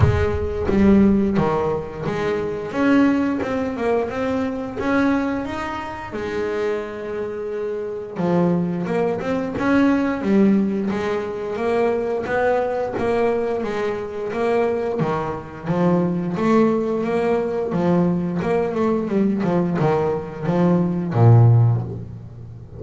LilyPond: \new Staff \with { instrumentName = "double bass" } { \time 4/4 \tempo 4 = 88 gis4 g4 dis4 gis4 | cis'4 c'8 ais8 c'4 cis'4 | dis'4 gis2. | f4 ais8 c'8 cis'4 g4 |
gis4 ais4 b4 ais4 | gis4 ais4 dis4 f4 | a4 ais4 f4 ais8 a8 | g8 f8 dis4 f4 ais,4 | }